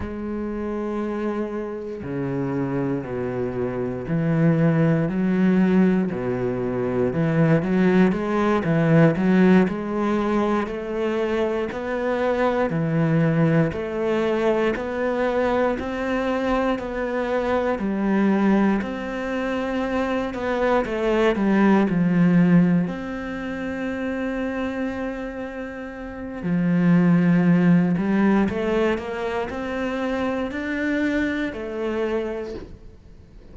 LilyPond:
\new Staff \with { instrumentName = "cello" } { \time 4/4 \tempo 4 = 59 gis2 cis4 b,4 | e4 fis4 b,4 e8 fis8 | gis8 e8 fis8 gis4 a4 b8~ | b8 e4 a4 b4 c'8~ |
c'8 b4 g4 c'4. | b8 a8 g8 f4 c'4.~ | c'2 f4. g8 | a8 ais8 c'4 d'4 a4 | }